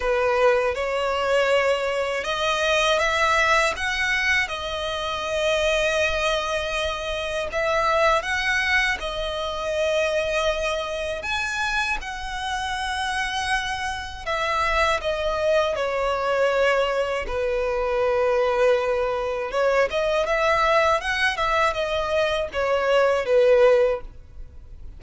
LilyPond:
\new Staff \with { instrumentName = "violin" } { \time 4/4 \tempo 4 = 80 b'4 cis''2 dis''4 | e''4 fis''4 dis''2~ | dis''2 e''4 fis''4 | dis''2. gis''4 |
fis''2. e''4 | dis''4 cis''2 b'4~ | b'2 cis''8 dis''8 e''4 | fis''8 e''8 dis''4 cis''4 b'4 | }